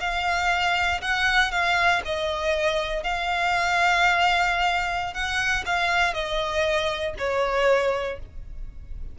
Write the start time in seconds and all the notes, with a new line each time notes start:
0.00 F5
1.01 F#5
1.51 F5
2.05 D#5
3.03 F5
5.14 F#5
5.66 F5
6.14 D#5
7.18 C#5